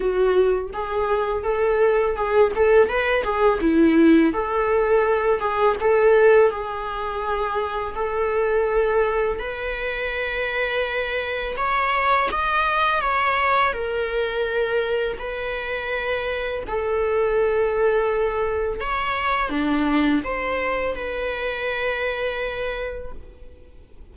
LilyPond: \new Staff \with { instrumentName = "viola" } { \time 4/4 \tempo 4 = 83 fis'4 gis'4 a'4 gis'8 a'8 | b'8 gis'8 e'4 a'4. gis'8 | a'4 gis'2 a'4~ | a'4 b'2. |
cis''4 dis''4 cis''4 ais'4~ | ais'4 b'2 a'4~ | a'2 cis''4 d'4 | c''4 b'2. | }